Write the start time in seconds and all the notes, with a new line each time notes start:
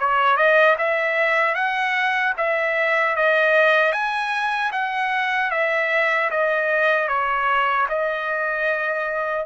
0.00 C#5
0.37 D#5
0.78 E5
1.55 F#5
2.38 E5
3.17 D#5
3.93 G#5
4.73 F#5
5.52 E5
6.31 D#5
7.08 C#5
7.89 D#5